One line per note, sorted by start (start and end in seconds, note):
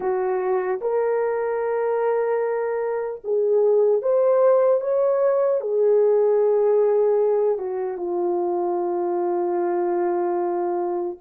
0.00 0.80 F#4
0.81 3.21 A#4
3.24 4.02 G#4
4.02 4.80 C5
4.80 5.60 C#5
5.60 7.58 G#4
7.58 7.97 F#4
7.97 11.17 F4